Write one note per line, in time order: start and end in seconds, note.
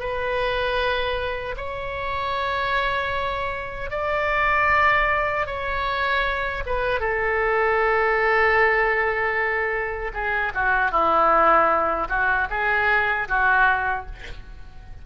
0.00 1.56 B4
1.58 3.91 C#5
3.91 5.47 D5
5.47 6.64 C#5
6.67 7.00 B4
7.00 10.12 A4
10.14 10.53 G#4
10.55 10.92 F#4
10.92 12.08 E4
12.09 12.48 F#4
12.51 13.29 G#4
13.29 14.06 F#4